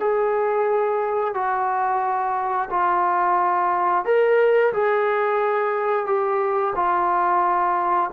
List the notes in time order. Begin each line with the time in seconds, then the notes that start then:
0.00 G#4
1.35 F#4
2.70 F4
4.05 A#4
4.73 G#4
6.06 G4
6.76 F4